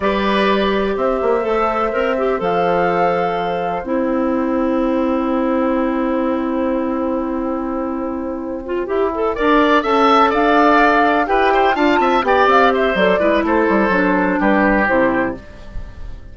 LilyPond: <<
  \new Staff \with { instrumentName = "flute" } { \time 4/4 \tempo 4 = 125 d''2 e''2~ | e''4 f''2. | g''1~ | g''1~ |
g''1~ | g''8 a''4 f''2 g''8~ | g''8 a''4 g''8 f''8 e''8 d''4 | c''2 b'4 c''4 | }
  \new Staff \with { instrumentName = "oboe" } { \time 4/4 b'2 c''2~ | c''1~ | c''1~ | c''1~ |
c''2.~ c''8 d''8~ | d''8 e''4 d''2 b'8 | c''8 f''8 e''8 d''4 c''4 b'8 | a'2 g'2 | }
  \new Staff \with { instrumentName = "clarinet" } { \time 4/4 g'2. a'4 | ais'8 g'8 a'2. | e'1~ | e'1~ |
e'2 f'8 g'8 a'8 ais'8~ | ais'8 a'2. g'8~ | g'8 f'4 g'4. a'8 e'8~ | e'4 d'2 e'4 | }
  \new Staff \with { instrumentName = "bassoon" } { \time 4/4 g2 c'8 ais8 a4 | c'4 f2. | c'1~ | c'1~ |
c'2~ c'8 e'4 d'8~ | d'8 cis'4 d'2 e'8~ | e'8 d'8 c'8 b8 c'4 fis8 gis8 | a8 g8 fis4 g4 c4 | }
>>